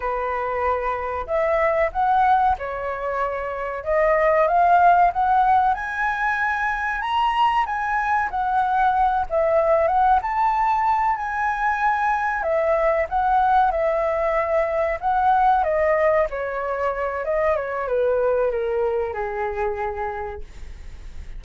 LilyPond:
\new Staff \with { instrumentName = "flute" } { \time 4/4 \tempo 4 = 94 b'2 e''4 fis''4 | cis''2 dis''4 f''4 | fis''4 gis''2 ais''4 | gis''4 fis''4. e''4 fis''8 |
a''4. gis''2 e''8~ | e''8 fis''4 e''2 fis''8~ | fis''8 dis''4 cis''4. dis''8 cis''8 | b'4 ais'4 gis'2 | }